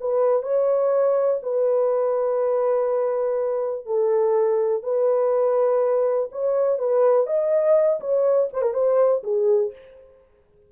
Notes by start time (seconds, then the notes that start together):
0.00 B4
0.42 C#5
1.43 B4
3.86 A4
4.83 B4
6.32 C#5
6.78 B4
7.26 D#5
8.00 C#5
8.53 C5
8.62 A#4
8.74 C5
9.23 G#4